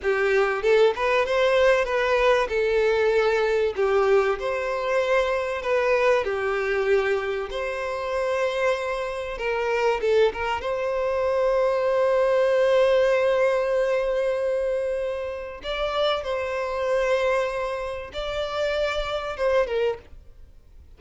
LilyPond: \new Staff \with { instrumentName = "violin" } { \time 4/4 \tempo 4 = 96 g'4 a'8 b'8 c''4 b'4 | a'2 g'4 c''4~ | c''4 b'4 g'2 | c''2. ais'4 |
a'8 ais'8 c''2.~ | c''1~ | c''4 d''4 c''2~ | c''4 d''2 c''8 ais'8 | }